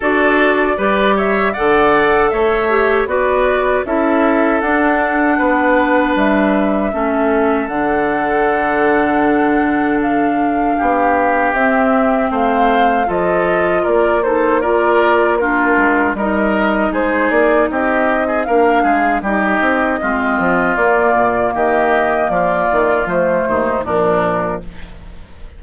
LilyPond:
<<
  \new Staff \with { instrumentName = "flute" } { \time 4/4 \tempo 4 = 78 d''4. e''8 fis''4 e''4 | d''4 e''4 fis''2 | e''2 fis''2~ | fis''4 f''2 e''4 |
f''4 dis''4 d''8 c''8 d''4 | ais'4 dis''4 c''8 d''8 dis''4 | f''4 dis''2 d''4 | dis''4 d''4 c''4 ais'4 | }
  \new Staff \with { instrumentName = "oboe" } { \time 4/4 a'4 b'8 cis''8 d''4 cis''4 | b'4 a'2 b'4~ | b'4 a'2.~ | a'2 g'2 |
c''4 a'4 ais'8 a'8 ais'4 | f'4 ais'4 gis'4 g'8. gis'16 | ais'8 gis'8 g'4 f'2 | g'4 f'4. dis'8 d'4 | }
  \new Staff \with { instrumentName = "clarinet" } { \time 4/4 fis'4 g'4 a'4. g'8 | fis'4 e'4 d'2~ | d'4 cis'4 d'2~ | d'2. c'4~ |
c'4 f'4. dis'8 f'4 | d'4 dis'2. | d'4 dis'4 c'4 ais4~ | ais2 a4 f4 | }
  \new Staff \with { instrumentName = "bassoon" } { \time 4/4 d'4 g4 d4 a4 | b4 cis'4 d'4 b4 | g4 a4 d2~ | d2 b4 c'4 |
a4 f4 ais2~ | ais8 gis8 g4 gis8 ais8 c'4 | ais8 gis8 g8 c'8 gis8 f8 ais8 ais,8 | dis4 f8 dis8 f8 dis,8 ais,4 | }
>>